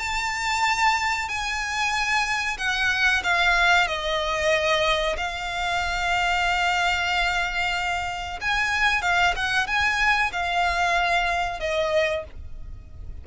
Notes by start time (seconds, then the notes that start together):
0.00 A5
1.29 G#5
2.58 F#5
3.24 F5
3.88 D#5
5.17 F5
8.42 G#5
9.02 F5
9.36 F#5
9.67 G#5
10.33 F5
11.60 D#5